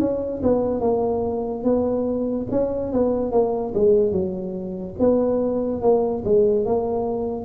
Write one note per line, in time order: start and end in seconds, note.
0.00 0.42 C#4
0.43 0.81 B3
0.81 1.64 A#3
1.64 2.47 B3
2.51 2.92 C#4
2.92 3.32 B3
3.32 3.73 A#3
3.75 4.12 G#3
4.12 4.95 F#3
4.99 5.82 B3
5.82 6.23 A#3
6.25 6.65 G#3
6.65 7.45 A#3